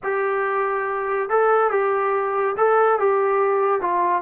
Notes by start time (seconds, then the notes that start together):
0.03 G4
1.29 A4
1.71 G4
2.57 A4
2.99 G4
3.81 F4